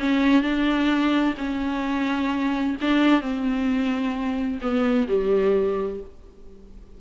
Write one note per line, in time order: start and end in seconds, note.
0.00 0.42 C#4
0.42 1.35 D4
1.38 2.77 C#4
2.82 3.21 D4
3.21 4.60 C4
4.62 5.08 B3
5.09 6.01 G3